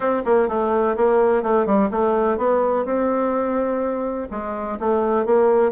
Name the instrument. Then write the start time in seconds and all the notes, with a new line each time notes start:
bassoon
0.00 C4
0.25 A#3
0.48 A3
0.96 A#3
1.42 A3
1.65 G3
1.90 A3
2.37 B3
2.85 C4
4.31 G#3
4.79 A3
5.25 A#3